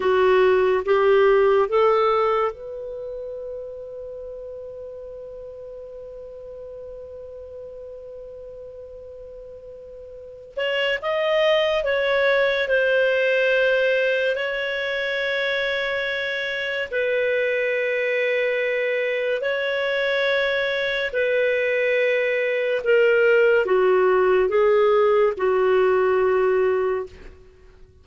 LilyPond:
\new Staff \with { instrumentName = "clarinet" } { \time 4/4 \tempo 4 = 71 fis'4 g'4 a'4 b'4~ | b'1~ | b'1~ | b'8 cis''8 dis''4 cis''4 c''4~ |
c''4 cis''2. | b'2. cis''4~ | cis''4 b'2 ais'4 | fis'4 gis'4 fis'2 | }